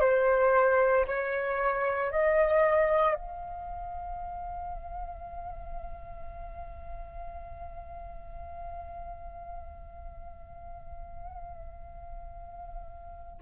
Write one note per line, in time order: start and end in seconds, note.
0.00 1.05 C5
1.07 2.11 C#5
2.11 3.14 D#5
3.14 13.41 F5